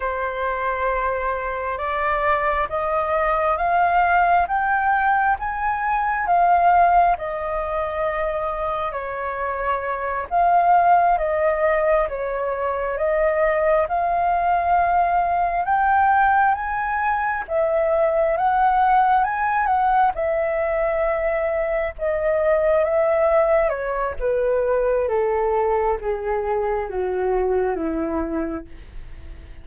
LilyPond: \new Staff \with { instrumentName = "flute" } { \time 4/4 \tempo 4 = 67 c''2 d''4 dis''4 | f''4 g''4 gis''4 f''4 | dis''2 cis''4. f''8~ | f''8 dis''4 cis''4 dis''4 f''8~ |
f''4. g''4 gis''4 e''8~ | e''8 fis''4 gis''8 fis''8 e''4.~ | e''8 dis''4 e''4 cis''8 b'4 | a'4 gis'4 fis'4 e'4 | }